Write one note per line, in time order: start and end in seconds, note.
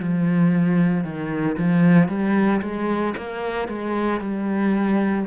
0.00 1.04 F3
1.04 1.56 D#3
1.58 2.09 F3
2.09 2.61 G3
2.62 3.15 G#3
3.17 3.68 A#3
3.68 4.21 G#3
4.21 5.26 G3